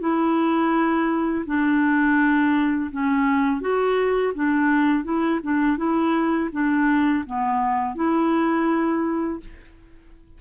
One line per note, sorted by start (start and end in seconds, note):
0.00 1.45 E4
1.46 2.90 D4
2.91 3.60 C#4
3.60 4.33 F#4
4.34 5.04 D4
5.04 5.40 E4
5.42 5.77 D4
5.77 6.49 E4
6.52 7.24 D4
7.26 7.95 B3
7.95 9.40 E4